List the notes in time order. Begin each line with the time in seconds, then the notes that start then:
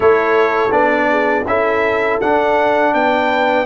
0.00 A3 E4 A4 C#5
0.71 B3 D4 D5
1.09 G#4
1.45 C#4 E4 A4 E5
2.21 D4 F#5
2.93 B3 B4 G5